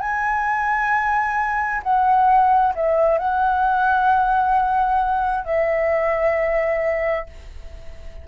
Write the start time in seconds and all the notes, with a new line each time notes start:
0.00 G#5
1.83 F#5
2.76 E5
3.19 F#5
5.45 E5